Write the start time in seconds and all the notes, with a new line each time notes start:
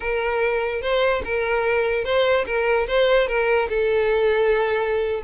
0.00 A#4
0.81 C5
1.24 A#4
2.04 C5
2.46 A#4
2.87 C5
3.27 A#4
3.69 A4